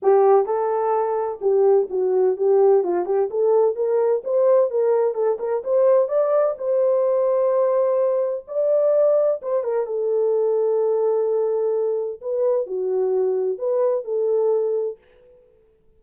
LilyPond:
\new Staff \with { instrumentName = "horn" } { \time 4/4 \tempo 4 = 128 g'4 a'2 g'4 | fis'4 g'4 f'8 g'8 a'4 | ais'4 c''4 ais'4 a'8 ais'8 | c''4 d''4 c''2~ |
c''2 d''2 | c''8 ais'8 a'2.~ | a'2 b'4 fis'4~ | fis'4 b'4 a'2 | }